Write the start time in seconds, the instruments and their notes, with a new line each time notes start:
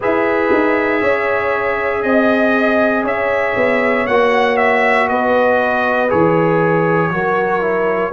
0.00 tuba E4, trombone G#4, horn B4, trumpet E5
0.52 tuba D#4
1.01 tuba C#4, horn C#5
2.02 tuba C4, trumpet D#5, horn D#5
3.04 tuba C#4, horn C#5, trumpet E5
3.56 tuba B3
4.06 tuba A#3, trombone F#4, trumpet F#5
4.57 trumpet E5
5.08 tuba B3, horn B4, trumpet D#5
6.08 tuba E3, trombone G#4, trumpet C#5
7.10 tuba F#3, trombone F#4, horn A#4
7.60 trombone E4